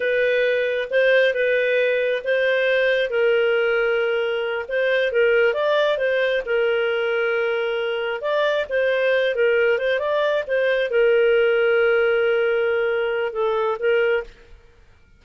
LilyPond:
\new Staff \with { instrumentName = "clarinet" } { \time 4/4 \tempo 4 = 135 b'2 c''4 b'4~ | b'4 c''2 ais'4~ | ais'2~ ais'8 c''4 ais'8~ | ais'8 d''4 c''4 ais'4.~ |
ais'2~ ais'8 d''4 c''8~ | c''4 ais'4 c''8 d''4 c''8~ | c''8 ais'2.~ ais'8~ | ais'2 a'4 ais'4 | }